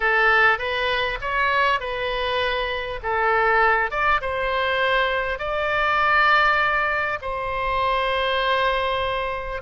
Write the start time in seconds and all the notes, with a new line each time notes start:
0.00 A4
0.58 B4
1.21 C#5
1.80 B4
3.02 A4
3.91 D5
4.21 C5
5.38 D5
7.21 C5